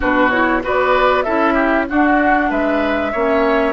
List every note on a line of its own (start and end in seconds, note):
0.00 0.64 B2
0.00 0.30 D4
0.00 0.62 F#4
0.00 0.30 B4
0.30 0.62 E4
0.30 0.61 C#5
0.62 1.26 B3
0.62 1.24 F#4
0.62 1.24 B4
0.62 1.22 D5
1.22 1.89 C#4
1.22 1.88 E4
1.22 1.54 A4
1.22 1.85 E5
1.54 1.85 G4
1.88 3.13 D4
1.88 2.50 D4
1.88 2.50 F#4
1.88 2.51 F#5
2.50 3.13 G#3
2.50 3.12 B4
2.50 3.72 E5
3.12 3.72 A#3
3.12 3.72 C#4
3.12 3.72 C#5